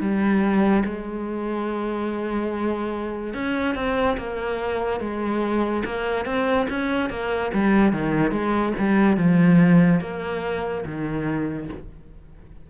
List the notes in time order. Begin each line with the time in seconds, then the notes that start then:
0.00 G3
0.85 G#3
3.33 C#4
3.75 C4
4.17 A#3
5.00 G#3
5.85 A#3
6.25 C4
6.69 C#4
7.09 A#3
7.53 G3
7.92 D#3
8.31 G#3
8.78 G3
9.17 F3
10.00 A#3
10.85 D#3